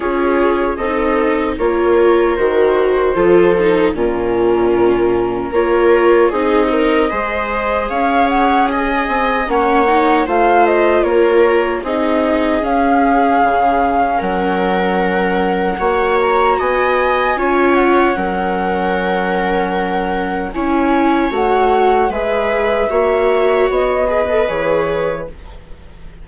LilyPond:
<<
  \new Staff \with { instrumentName = "flute" } { \time 4/4 \tempo 4 = 76 cis''4 dis''4 cis''4 c''4~ | c''4 ais'2 cis''4 | dis''2 f''8 fis''8 gis''4 | fis''4 f''8 dis''8 cis''4 dis''4 |
f''2 fis''2~ | fis''8 ais''8 gis''4. fis''4.~ | fis''2 gis''4 fis''4 | e''2 dis''4 cis''4 | }
  \new Staff \with { instrumentName = "viola" } { \time 4/4 gis'4 a'4 ais'2 | a'4 f'2 ais'4 | gis'8 ais'8 c''4 cis''4 dis''4 | cis''4 c''4 ais'4 gis'4~ |
gis'2 ais'2 | cis''4 dis''4 cis''4 ais'4~ | ais'2 cis''2 | b'4 cis''4. b'4. | }
  \new Staff \with { instrumentName = "viola" } { \time 4/4 f'4 dis'4 f'4 fis'4 | f'8 dis'8 cis'2 f'4 | dis'4 gis'2. | cis'8 dis'8 f'2 dis'4 |
cis'1 | fis'2 f'4 cis'4~ | cis'2 e'4 fis'4 | gis'4 fis'4. gis'16 a'16 gis'4 | }
  \new Staff \with { instrumentName = "bassoon" } { \time 4/4 cis'4 c'4 ais4 dis4 | f4 ais,2 ais4 | c'4 gis4 cis'4. c'8 | ais4 a4 ais4 c'4 |
cis'4 cis4 fis2 | ais4 b4 cis'4 fis4~ | fis2 cis'4 a4 | gis4 ais4 b4 e4 | }
>>